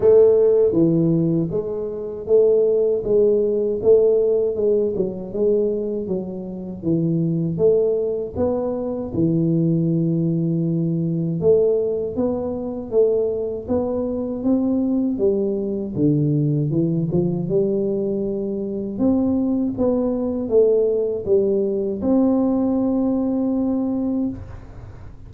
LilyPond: \new Staff \with { instrumentName = "tuba" } { \time 4/4 \tempo 4 = 79 a4 e4 gis4 a4 | gis4 a4 gis8 fis8 gis4 | fis4 e4 a4 b4 | e2. a4 |
b4 a4 b4 c'4 | g4 d4 e8 f8 g4~ | g4 c'4 b4 a4 | g4 c'2. | }